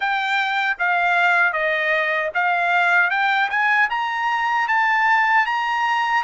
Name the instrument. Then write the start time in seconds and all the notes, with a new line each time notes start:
trumpet
0.00 G5
0.78 F5
1.52 D#5
2.34 F5
3.10 G5
3.50 G#5
3.90 A#5
4.68 A5
5.45 A#5